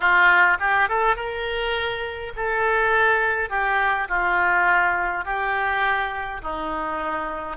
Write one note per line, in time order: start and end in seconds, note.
0.00 0.57 F4
0.59 0.88 G4
0.89 1.16 A4
1.16 2.32 A#4
2.36 3.50 A4
3.50 4.08 G4
4.08 5.24 F4
5.25 6.41 G4
6.42 7.56 D#4